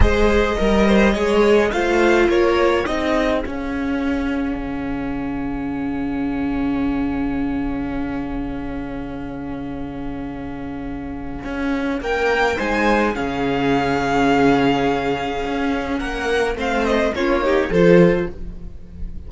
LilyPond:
<<
  \new Staff \with { instrumentName = "violin" } { \time 4/4 \tempo 4 = 105 dis''2. f''4 | cis''4 dis''4 f''2~ | f''1~ | f''1~ |
f''1~ | f''4 g''4 gis''4 f''4~ | f''1 | fis''4 f''8 dis''8 cis''4 c''4 | }
  \new Staff \with { instrumentName = "violin" } { \time 4/4 c''4 ais'8 c''8 cis''4 c''4 | ais'4 gis'2.~ | gis'1~ | gis'1~ |
gis'1~ | gis'4 ais'4 c''4 gis'4~ | gis'1 | ais'4 c''4 f'8 g'8 a'4 | }
  \new Staff \with { instrumentName = "viola" } { \time 4/4 gis'4 ais'4 gis'4 f'4~ | f'4 dis'4 cis'2~ | cis'1~ | cis'1~ |
cis'1~ | cis'2 dis'4 cis'4~ | cis'1~ | cis'4 c'4 cis'8 dis'8 f'4 | }
  \new Staff \with { instrumentName = "cello" } { \time 4/4 gis4 g4 gis4 a4 | ais4 c'4 cis'2 | cis1~ | cis1~ |
cis1 | cis'4 ais4 gis4 cis4~ | cis2. cis'4 | ais4 a4 ais4 f4 | }
>>